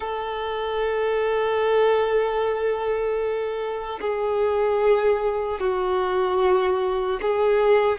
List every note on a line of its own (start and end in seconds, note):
0.00 3.99 A4
4.00 5.60 G#4
5.60 7.20 F#4
7.21 7.98 G#4